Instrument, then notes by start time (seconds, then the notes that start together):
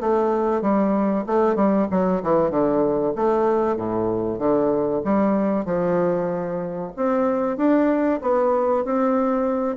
bassoon
0.00 A3
0.61 G3
1.26 A3
1.56 G3
1.91 F#3
2.22 E3
2.50 D3
3.15 A3
3.76 A2
4.38 D3
5.04 G3
5.65 F3
6.96 C4
7.57 D4
8.21 B3
8.85 C4